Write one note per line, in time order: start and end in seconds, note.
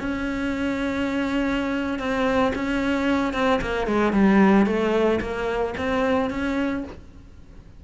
0.00 1.99 C#4
1.99 2.53 C4
2.55 3.34 C#4
3.34 3.60 C4
3.61 3.87 A#3
3.87 4.13 G#3
4.13 4.66 G3
4.66 5.20 A3
5.21 5.74 A#3
5.77 6.30 C4
6.30 6.84 C#4